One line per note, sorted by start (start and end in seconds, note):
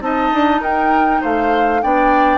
0.00 0.30 C4
0.00 1.80 D#4
0.00 0.61 D#5
0.00 0.62 A5
0.33 0.60 D4
0.60 1.20 D#4
0.60 1.21 A#4
0.60 1.23 G5
1.21 1.83 A3
1.21 1.81 C5
1.21 1.82 F5
1.81 2.38 B3
1.81 2.38 D4
1.81 2.38 D5
1.81 2.38 G5